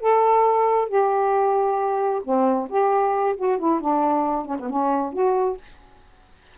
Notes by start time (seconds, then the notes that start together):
0.00 A4
0.88 G4
2.24 C4
2.69 G4
3.36 F#4
3.58 E4
3.80 D4
4.45 C#4
4.59 B3
4.69 C#4
5.13 F#4